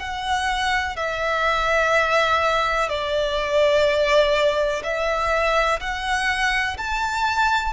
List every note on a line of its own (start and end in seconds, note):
0.00 0.97 F#5
0.97 2.89 E5
2.89 4.83 D5
4.83 5.80 E5
5.81 6.77 F#5
6.78 7.74 A5